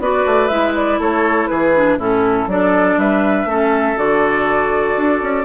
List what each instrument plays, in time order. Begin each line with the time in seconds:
0.00 bassoon B3, clarinet F#4, oboe B4, flute D5
0.26 bassoon A3
0.48 bassoon G#3, clarinet E4, flute E5
0.76 flute D5
0.99 bassoon A3, oboe A4, flute C#5
1.47 bassoon E3, oboe G#4, flute B4
1.75 clarinet D4
1.98 bassoon A2, clarinet C#4, oboe E4, flute A4
2.47 bassoon F#3, clarinet D4, oboe A4, flute D5
2.98 bassoon G3, oboe B4, flute E5
3.45 bassoon A3, clarinet C#4, oboe A4
3.96 bassoon D3, clarinet F#4, flute D5
4.97 bassoon D4
5.22 bassoon C#4